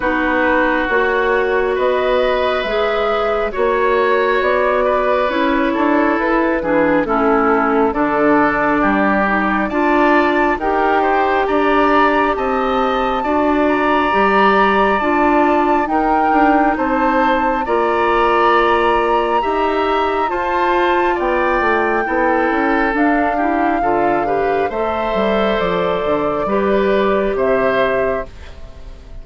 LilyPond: <<
  \new Staff \with { instrumentName = "flute" } { \time 4/4 \tempo 4 = 68 b'4 cis''4 dis''4 e''4 | cis''4 d''4 cis''4 b'4 | a'4 d''2 a''4 | g''4 ais''4 a''4. ais''8~ |
ais''4 a''4 g''4 a''4 | ais''2. a''4 | g''2 f''2 | e''4 d''2 e''4 | }
  \new Staff \with { instrumentName = "oboe" } { \time 4/4 fis'2 b'2 | cis''4. b'4 a'4 gis'8 | e'4 a'4 g'4 d''4 | ais'8 c''8 d''4 dis''4 d''4~ |
d''2 ais'4 c''4 | d''2 e''4 c''4 | d''4 a'4. g'8 a'8 b'8 | c''2 b'4 c''4 | }
  \new Staff \with { instrumentName = "clarinet" } { \time 4/4 dis'4 fis'2 gis'4 | fis'2 e'4. d'8 | cis'4 d'4. dis'8 f'4 | g'2. fis'4 |
g'4 f'4 dis'2 | f'2 g'4 f'4~ | f'4 e'4 d'8 e'8 f'8 g'8 | a'2 g'2 | }
  \new Staff \with { instrumentName = "bassoon" } { \time 4/4 b4 ais4 b4 gis4 | ais4 b4 cis'8 d'8 e'8 e8 | a4 d4 g4 d'4 | dis'4 d'4 c'4 d'4 |
g4 d'4 dis'8 d'8 c'4 | ais2 dis'4 f'4 | b8 a8 b8 cis'8 d'4 d4 | a8 g8 f8 d8 g4 c4 | }
>>